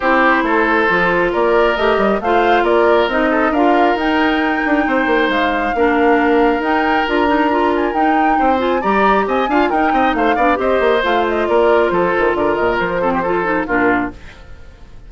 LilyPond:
<<
  \new Staff \with { instrumentName = "flute" } { \time 4/4 \tempo 4 = 136 c''2. d''4 | dis''4 f''4 d''4 dis''4 | f''4 g''2. | f''2. g''4 |
ais''4. gis''8 g''4. gis''8 | ais''4 gis''4 g''4 f''4 | dis''4 f''8 dis''8 d''4 c''4 | d''8 dis''8 c''2 ais'4 | }
  \new Staff \with { instrumentName = "oboe" } { \time 4/4 g'4 a'2 ais'4~ | ais'4 c''4 ais'4. a'8 | ais'2. c''4~ | c''4 ais'2.~ |
ais'2. c''4 | d''4 dis''8 f''8 ais'8 dis''8 c''8 d''8 | c''2 ais'4 a'4 | ais'4. a'16 g'16 a'4 f'4 | }
  \new Staff \with { instrumentName = "clarinet" } { \time 4/4 e'2 f'2 | g'4 f'2 dis'4 | f'4 dis'2.~ | dis'4 d'2 dis'4 |
f'8 dis'8 f'4 dis'4. f'8 | g'4. f'8 dis'4. d'8 | g'4 f'2.~ | f'4. c'8 f'8 dis'8 d'4 | }
  \new Staff \with { instrumentName = "bassoon" } { \time 4/4 c'4 a4 f4 ais4 | a8 g8 a4 ais4 c'4 | d'4 dis'4. d'8 c'8 ais8 | gis4 ais2 dis'4 |
d'2 dis'4 c'4 | g4 c'8 d'8 dis'8 c'8 a8 b8 | c'8 ais8 a4 ais4 f8 dis8 | d8 ais,8 f2 ais,4 | }
>>